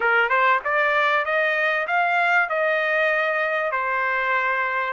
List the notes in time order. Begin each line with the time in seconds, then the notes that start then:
0.00 A#4
0.29 C5
0.64 D5
1.25 D#5
1.87 F5
2.49 D#5
3.71 C5